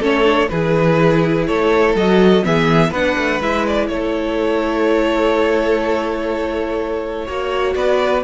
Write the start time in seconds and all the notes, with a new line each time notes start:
0.00 A3 C#4 A4 C#5
0.25 D4
0.49 E3 E4 G#4 B4
1.47 A3 A4 C#5
1.95 F#3 F#4 D#5
2.44 E3 B3 G#4 E5
2.91 B3 D4 B4 F#5
3.17 A3
3.41 G#3 E4 E5
3.67 D5
3.89 A3 A4 C#5
7.26 A#3 F#4 C#5
7.75 B3 B4 D5